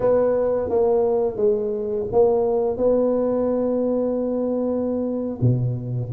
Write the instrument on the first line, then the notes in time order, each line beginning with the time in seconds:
tuba
0.00 B3
0.69 A#3
1.36 G#3
2.12 A#3
2.77 B3
5.41 B2